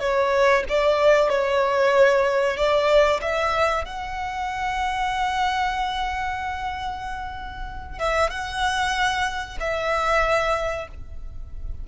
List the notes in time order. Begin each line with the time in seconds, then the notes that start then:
0.00 C#5
0.69 D5
1.29 C#5
2.57 D5
3.21 E5
3.85 F#5
7.98 E5
8.30 F#5
9.60 E5